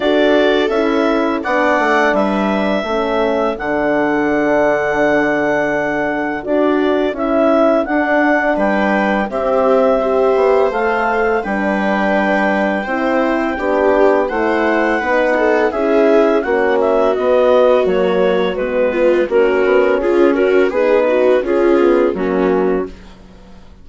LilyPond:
<<
  \new Staff \with { instrumentName = "clarinet" } { \time 4/4 \tempo 4 = 84 d''4 e''4 fis''4 e''4~ | e''4 fis''2.~ | fis''4 d''4 e''4 fis''4 | g''4 e''2 f''4 |
g''1 | fis''2 e''4 fis''8 e''8 | dis''4 cis''4 b'4 ais'4 | gis'8 ais'8 b'4 gis'4 fis'4 | }
  \new Staff \with { instrumentName = "viola" } { \time 4/4 a'2 d''4 b'4 | a'1~ | a'1 | b'4 g'4 c''2 |
b'2 c''4 g'4 | c''4 b'8 a'8 gis'4 fis'4~ | fis'2~ fis'8 f'8 fis'4 | f'8 fis'8 gis'8 fis'8 f'4 cis'4 | }
  \new Staff \with { instrumentName = "horn" } { \time 4/4 fis'4 e'4 d'2 | cis'4 d'2.~ | d'4 fis'4 e'4 d'4~ | d'4 c'4 g'4 a'4 |
d'2 e'4 d'4 | e'4 dis'4 e'4 cis'4 | b4 ais4 b4 cis'4~ | cis'4 dis'4 cis'8 b8 ais4 | }
  \new Staff \with { instrumentName = "bassoon" } { \time 4/4 d'4 cis'4 b8 a8 g4 | a4 d2.~ | d4 d'4 cis'4 d'4 | g4 c'4. b8 a4 |
g2 c'4 b4 | a4 b4 cis'4 ais4 | b4 fis4 gis4 ais8 b8 | cis'4 b4 cis'4 fis4 | }
>>